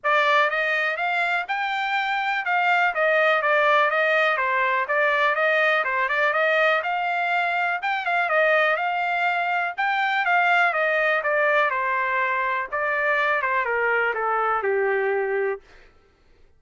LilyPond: \new Staff \with { instrumentName = "trumpet" } { \time 4/4 \tempo 4 = 123 d''4 dis''4 f''4 g''4~ | g''4 f''4 dis''4 d''4 | dis''4 c''4 d''4 dis''4 | c''8 d''8 dis''4 f''2 |
g''8 f''8 dis''4 f''2 | g''4 f''4 dis''4 d''4 | c''2 d''4. c''8 | ais'4 a'4 g'2 | }